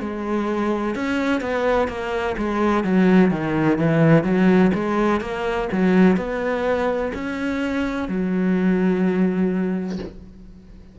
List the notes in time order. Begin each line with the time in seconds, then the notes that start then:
0.00 G#3
0.96 C#4
1.41 B3
1.88 A#3
2.38 G#3
2.84 F#3
3.31 D#3
3.78 E3
4.24 F#3
4.74 G#3
5.21 A#3
5.72 F#3
6.17 B3
7.14 C#4
8.09 F#3